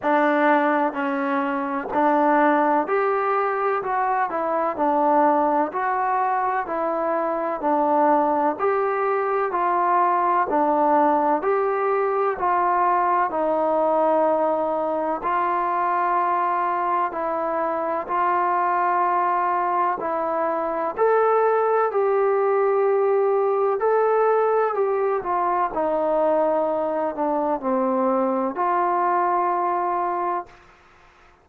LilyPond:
\new Staff \with { instrumentName = "trombone" } { \time 4/4 \tempo 4 = 63 d'4 cis'4 d'4 g'4 | fis'8 e'8 d'4 fis'4 e'4 | d'4 g'4 f'4 d'4 | g'4 f'4 dis'2 |
f'2 e'4 f'4~ | f'4 e'4 a'4 g'4~ | g'4 a'4 g'8 f'8 dis'4~ | dis'8 d'8 c'4 f'2 | }